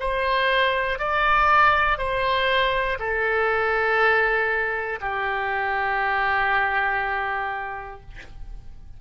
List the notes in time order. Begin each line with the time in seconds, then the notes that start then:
0.00 C5
0.99 D5
1.98 C5
2.99 A4
5.01 G4